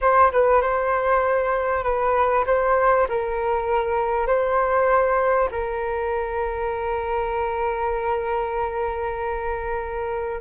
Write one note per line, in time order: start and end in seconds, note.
0.01 0.31 C5
0.31 0.61 B4
0.61 1.83 C5
1.83 2.45 B4
2.46 3.08 C5
3.08 4.26 A#4
4.26 5.49 C5
5.51 10.40 A#4